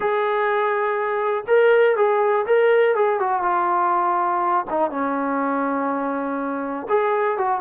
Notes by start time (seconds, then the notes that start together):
0.00 G#4
1.47 A#4
1.96 G#4
2.46 A#4
2.95 G#4
3.19 F#4
3.42 F4
4.70 D#4
4.90 C#4
6.88 G#4
7.37 F#4